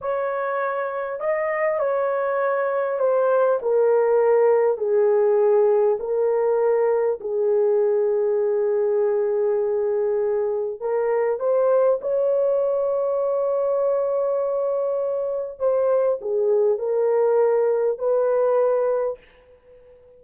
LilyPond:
\new Staff \with { instrumentName = "horn" } { \time 4/4 \tempo 4 = 100 cis''2 dis''4 cis''4~ | cis''4 c''4 ais'2 | gis'2 ais'2 | gis'1~ |
gis'2 ais'4 c''4 | cis''1~ | cis''2 c''4 gis'4 | ais'2 b'2 | }